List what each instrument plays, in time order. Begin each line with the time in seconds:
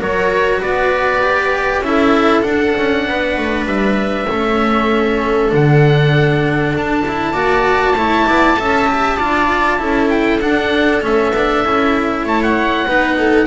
0.00 double bass F#3, cello F#4, viola A#4, oboe C#5
0.60 double bass B3, viola B4, oboe D5
1.22 cello G4
1.81 double bass C#4, cello E4, viola A4, oboe E5
2.42 cello D4, double bass D4, oboe F#5
2.77 double bass C#4
3.07 double bass B3, viola B4
3.37 double bass A3
3.65 double bass G3, oboe E5
4.29 double bass A3, cello C#4, viola A4
5.49 double bass D3, cello D4, oboe F#5
6.76 double bass D4, oboe A5
7.08 cello E4
7.32 double bass A#3, cello F#4, viola D5
7.94 double bass A3, cello E4, viola C#5
8.26 double bass B3, viola D5
8.56 double bass C#4, cello A4, viola E5
8.87 cello G4
9.16 double bass D4, cello F4, viola D5
9.78 double bass C#4, cello E4, viola A4
10.09 oboe G5
10.40 double bass D4, cello D4, oboe F#5
11.01 double bass A3, cello C#4, oboe E5
11.30 double bass B3
11.36 cello D4
11.65 double bass C#4, cello E4
12.24 double bass A3, viola C#5, oboe A5
12.42 oboe F#5
12.86 double bass B3, cello D#4, viola B4
13.18 viola A4